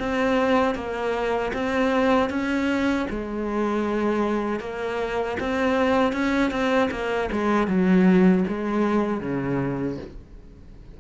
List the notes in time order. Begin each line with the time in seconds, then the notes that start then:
0.00 C4
0.75 A#3
1.54 C4
2.30 C#4
3.10 G#3
4.60 A#3
5.40 C4
6.13 C#4
6.51 C4
6.91 A#3
7.32 G#3
7.68 F#3
8.48 G#3
9.21 C#3